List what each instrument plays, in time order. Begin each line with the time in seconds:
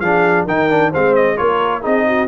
0.00 tuba F3, trombone D4, horn G#4, trumpet F5
0.45 tuba D#3, trombone D#4, horn A#4, trumpet G5
0.70 trombone D4
0.90 tuba G#3, trombone C4, horn C5, trumpet F5
1.15 trumpet D#5
1.36 tuba A#3, trombone F4, horn A#4, trumpet C#5
1.82 tuba C4, trombone D#4, horn G#4, trumpet D#5
2.07 horn F#4